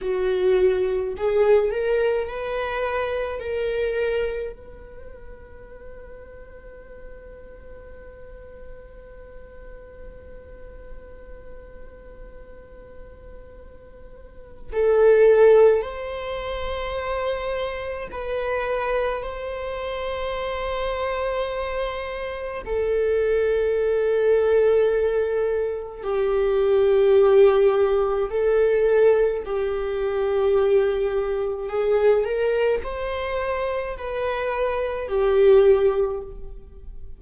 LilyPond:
\new Staff \with { instrumentName = "viola" } { \time 4/4 \tempo 4 = 53 fis'4 gis'8 ais'8 b'4 ais'4 | b'1~ | b'1~ | b'4 a'4 c''2 |
b'4 c''2. | a'2. g'4~ | g'4 a'4 g'2 | gis'8 ais'8 c''4 b'4 g'4 | }